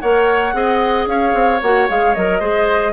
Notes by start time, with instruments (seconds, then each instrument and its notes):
0.00 bassoon A#3, clarinet A#4, oboe C#5, flute F#5
0.54 bassoon C4, clarinet G#4, oboe D#5
1.07 bassoon C#4, oboe C#5, flute F5
1.34 bassoon C4
1.62 bassoon A#3, clarinet F#4, flute F#5
1.89 bassoon G#3, clarinet G#4, flute F5
2.15 bassoon F#3, clarinet A#4, flute D#5
2.40 bassoon G#3, clarinet G#4, oboe C5